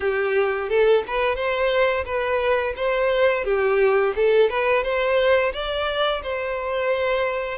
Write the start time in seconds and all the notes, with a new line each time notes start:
0.00 G4
0.69 A4
1.07 B4
1.35 C5
2.05 B4
2.76 C5
3.44 G4
4.15 A4
4.49 B4
4.83 C5
5.53 D5
6.22 C5